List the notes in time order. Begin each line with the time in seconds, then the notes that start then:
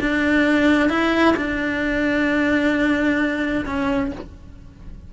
0.00 D4
0.89 E4
1.36 D4
3.66 C#4